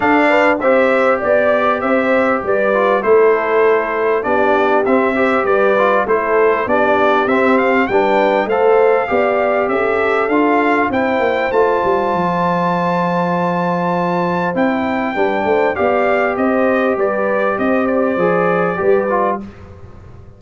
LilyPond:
<<
  \new Staff \with { instrumentName = "trumpet" } { \time 4/4 \tempo 4 = 99 f''4 e''4 d''4 e''4 | d''4 c''2 d''4 | e''4 d''4 c''4 d''4 | e''8 f''8 g''4 f''2 |
e''4 f''4 g''4 a''4~ | a''1 | g''2 f''4 dis''4 | d''4 dis''8 d''2~ d''8 | }
  \new Staff \with { instrumentName = "horn" } { \time 4/4 a'8 b'8 c''4 d''4 c''4 | b'4 a'2 g'4~ | g'8 c''8 b'4 a'4 g'4~ | g'4 b'4 c''4 d''4 |
a'2 c''2~ | c''1~ | c''4 b'8 c''8 d''4 c''4 | b'4 c''2 b'4 | }
  \new Staff \with { instrumentName = "trombone" } { \time 4/4 d'4 g'2.~ | g'8 f'8 e'2 d'4 | c'8 g'4 f'8 e'4 d'4 | c'4 d'4 a'4 g'4~ |
g'4 f'4 e'4 f'4~ | f'1 | e'4 d'4 g'2~ | g'2 gis'4 g'8 f'8 | }
  \new Staff \with { instrumentName = "tuba" } { \time 4/4 d'4 c'4 b4 c'4 | g4 a2 b4 | c'4 g4 a4 b4 | c'4 g4 a4 b4 |
cis'4 d'4 c'8 ais8 a8 g8 | f1 | c'4 g8 a8 b4 c'4 | g4 c'4 f4 g4 | }
>>